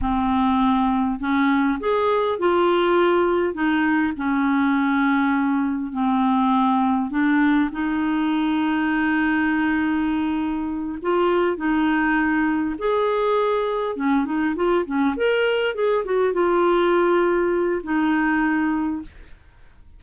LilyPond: \new Staff \with { instrumentName = "clarinet" } { \time 4/4 \tempo 4 = 101 c'2 cis'4 gis'4 | f'2 dis'4 cis'4~ | cis'2 c'2 | d'4 dis'2.~ |
dis'2~ dis'8 f'4 dis'8~ | dis'4. gis'2 cis'8 | dis'8 f'8 cis'8 ais'4 gis'8 fis'8 f'8~ | f'2 dis'2 | }